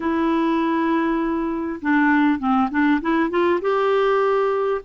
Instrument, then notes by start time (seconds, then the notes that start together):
clarinet
0.00 E4
1.81 D4
2.39 C4
2.70 D4
3.01 E4
3.30 F4
3.61 G4